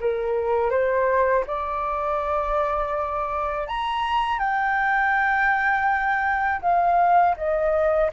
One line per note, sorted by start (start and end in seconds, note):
0.00 0.70 A#4
0.70 1.44 C5
1.46 3.67 D5
3.67 4.38 A#5
4.38 6.61 G5
6.61 7.35 F5
7.36 8.10 D#5